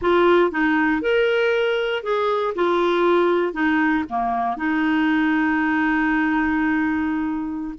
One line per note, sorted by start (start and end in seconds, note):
0.01 0.51 F4
0.51 1.01 D#4
1.01 2.03 A#4
2.03 2.54 G#4
2.55 3.53 F4
3.53 4.04 D#4
4.09 4.56 A#3
4.56 7.74 D#4